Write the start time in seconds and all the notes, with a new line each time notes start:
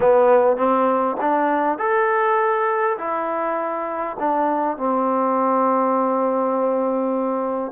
0.00 B3
0.56 C4
1.20 D4
1.78 A4
2.98 E4
4.19 D4
4.77 C4